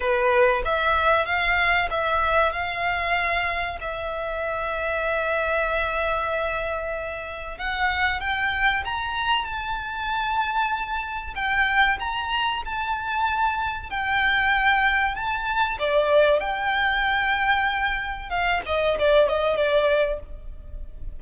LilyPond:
\new Staff \with { instrumentName = "violin" } { \time 4/4 \tempo 4 = 95 b'4 e''4 f''4 e''4 | f''2 e''2~ | e''1 | fis''4 g''4 ais''4 a''4~ |
a''2 g''4 ais''4 | a''2 g''2 | a''4 d''4 g''2~ | g''4 f''8 dis''8 d''8 dis''8 d''4 | }